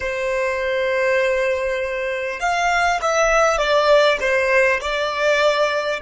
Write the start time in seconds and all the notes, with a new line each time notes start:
0.00 C5
2.40 F5
3.01 E5
3.57 D5
4.20 C5
4.80 D5